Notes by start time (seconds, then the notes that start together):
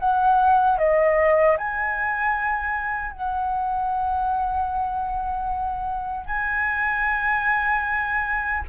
0.00 F#5
0.78 D#5
1.58 G#5
3.12 F#5
6.27 G#5